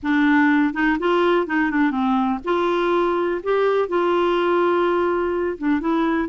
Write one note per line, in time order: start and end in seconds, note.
0.02 0.73 D4
0.73 0.97 D#4
0.99 1.46 F4
1.46 1.70 D#4
1.70 1.90 D4
1.90 2.39 C4
2.44 3.41 F4
3.43 3.88 G4
3.88 5.57 F4
5.58 5.80 D4
5.80 6.28 E4